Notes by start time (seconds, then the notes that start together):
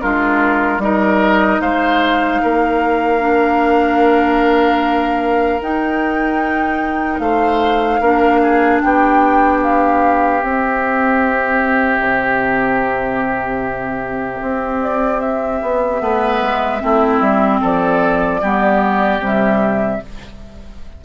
0.00 G#3 D4 F4 A#4
0.78 G3 D#4 A#4 D#5
1.60 G#3 C5 F5
2.42 A#3 A#4
3.19 D4
5.60 D#4 G5
7.19 A3 C5 F5
8.00 A#3 D4 A#4
8.42 G#4
8.81 B3 G4 G5
9.62 F5
10.41 C4 E5
11.99 C3
14.41 C4
14.82 D5
15.20 E5
15.62 B3
15.99 A3 B3 B4
16.41 G#3
16.79 A3 C4 E4
17.20 G3
17.61 F3 A4 D5
18.41 G3 B3 G4
19.19 C3 G3 E5